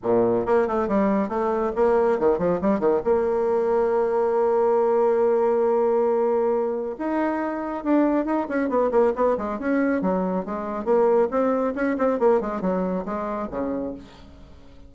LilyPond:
\new Staff \with { instrumentName = "bassoon" } { \time 4/4 \tempo 4 = 138 ais,4 ais8 a8 g4 a4 | ais4 dis8 f8 g8 dis8 ais4~ | ais1~ | ais1 |
dis'2 d'4 dis'8 cis'8 | b8 ais8 b8 gis8 cis'4 fis4 | gis4 ais4 c'4 cis'8 c'8 | ais8 gis8 fis4 gis4 cis4 | }